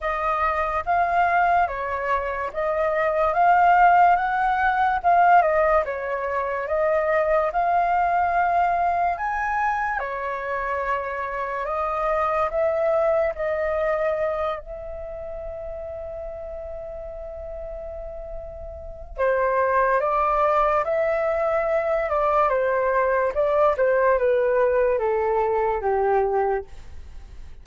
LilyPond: \new Staff \with { instrumentName = "flute" } { \time 4/4 \tempo 4 = 72 dis''4 f''4 cis''4 dis''4 | f''4 fis''4 f''8 dis''8 cis''4 | dis''4 f''2 gis''4 | cis''2 dis''4 e''4 |
dis''4. e''2~ e''8~ | e''2. c''4 | d''4 e''4. d''8 c''4 | d''8 c''8 b'4 a'4 g'4 | }